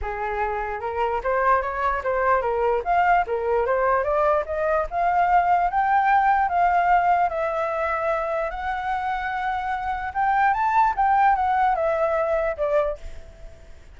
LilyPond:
\new Staff \with { instrumentName = "flute" } { \time 4/4 \tempo 4 = 148 gis'2 ais'4 c''4 | cis''4 c''4 ais'4 f''4 | ais'4 c''4 d''4 dis''4 | f''2 g''2 |
f''2 e''2~ | e''4 fis''2.~ | fis''4 g''4 a''4 g''4 | fis''4 e''2 d''4 | }